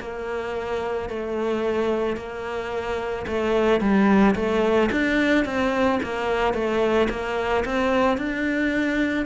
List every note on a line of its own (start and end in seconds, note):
0.00 1.09 A#3
1.09 2.16 A3
2.16 3.25 A#3
3.27 3.80 A3
3.80 4.35 G3
4.35 4.89 A3
4.91 5.45 D4
5.45 6.00 C4
6.02 6.54 A#3
6.54 7.08 A3
7.09 7.64 A#3
7.65 8.17 C4
8.17 9.25 D4